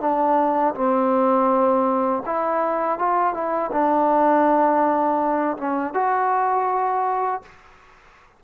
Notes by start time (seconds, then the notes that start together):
0.00 D4
0.74 C4
2.25 E4
2.98 F4
3.33 E4
3.71 D4
5.57 C#4
5.94 F#4